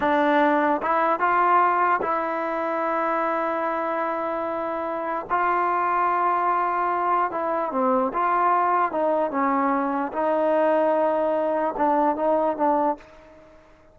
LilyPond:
\new Staff \with { instrumentName = "trombone" } { \time 4/4 \tempo 4 = 148 d'2 e'4 f'4~ | f'4 e'2.~ | e'1~ | e'4 f'2.~ |
f'2 e'4 c'4 | f'2 dis'4 cis'4~ | cis'4 dis'2.~ | dis'4 d'4 dis'4 d'4 | }